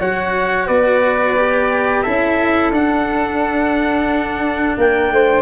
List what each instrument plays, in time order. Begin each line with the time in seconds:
0.00 tuba F#3, cello F#4, flute C#5, trumpet F#5
0.67 tuba B3, flute B4, trumpet D5
1.37 cello G4
2.02 tuba C#4, cello E4, flute A4, trumpet E5
2.71 tuba D4, cello D4, trumpet F#5
4.78 tuba A#3, flute A#4, trumpet G5
5.11 tuba A3, flute C5